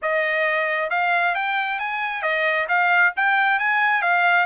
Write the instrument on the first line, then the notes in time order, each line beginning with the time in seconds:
trumpet
0.02 D#5
0.90 F5
1.34 G5
1.79 G#5
2.22 D#5
2.68 F5
3.16 G5
3.59 G#5
4.02 F5